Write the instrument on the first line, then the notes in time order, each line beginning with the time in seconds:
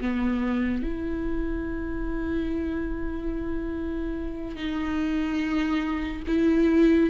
viola
0.00 B3
0.83 E4
4.56 D#4
6.27 E4